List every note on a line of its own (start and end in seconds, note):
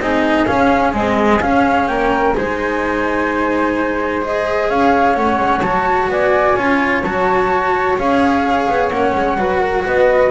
0.00 0.47 C4
0.00 0.47 D#4
0.00 1.90 G#4
0.00 0.47 D#5
0.47 0.93 C#4
0.47 0.96 C#4
0.47 0.93 F5
0.93 1.40 G#3
0.93 1.43 C4
0.93 1.42 D#5
1.41 2.35 C#4
1.41 1.89 C#4
1.41 1.88 F5
1.88 2.36 A#3
1.88 2.37 A#4
1.88 2.34 G5
2.35 4.70 G#3
2.35 4.22 D#4
2.35 4.70 C5
2.35 4.23 G#5
4.22 5.15 G#4
4.22 4.70 D#5
4.70 5.16 C#4
4.70 6.11 C#5
4.70 5.16 F5
5.15 5.37 A3
5.15 5.62 C#4
5.15 5.62 F#5
5.37 5.61 G#3
5.62 6.09 F#3
5.62 6.57 F#4
5.62 6.09 A5
6.09 6.56 B3
6.09 6.57 D5
6.09 7.04 G#5
6.57 7.04 C#4
6.57 7.04 F4
6.57 9.38 C#5
7.04 7.98 F#3
7.04 7.98 F#4
7.04 7.97 A5
7.98 8.69 C#4
7.98 8.92 G#4
7.98 8.89 F5
8.70 8.90 B3
8.89 9.13 A#3
8.89 9.38 C#4
8.89 9.83 F#5
9.15 9.37 G#3
9.37 9.84 F#3
9.37 10.31 F#4
9.37 9.60 B4
9.60 9.83 A#4
9.86 10.31 B3
9.86 10.31 B4
9.86 10.31 D#5